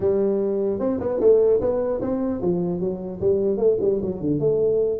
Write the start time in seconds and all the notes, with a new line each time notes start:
0.00 G3
0.79 C4
0.99 B3
1.20 A3
1.61 B3
2.01 C4
2.41 F3
2.80 F#3
3.20 G3
3.57 A3
3.80 G3
4.02 F#3
4.21 D3
4.39 A3